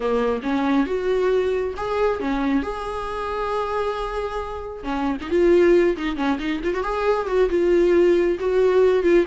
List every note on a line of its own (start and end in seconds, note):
0.00 0.41 A#3
0.43 0.86 C#4
0.86 1.74 F#4
1.76 2.19 G#4
2.19 2.62 C#4
2.62 4.83 G#4
4.83 5.16 C#4
5.21 5.30 D#4
5.30 5.96 F4
5.96 6.16 D#4
6.16 6.38 C#4
6.39 6.61 D#4
6.63 6.73 F4
6.73 6.83 F#4
6.83 7.27 G#4
7.27 7.49 F#4
7.49 8.37 F4
8.39 9.03 F#4
9.03 9.25 F4